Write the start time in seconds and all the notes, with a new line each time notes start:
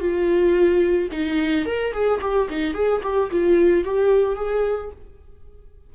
0.00 F4
1.12 D#4
1.66 A#4
1.93 G#4
2.21 G4
2.50 D#4
2.74 G#4
3.03 G4
3.31 F4
3.84 G4
4.36 G#4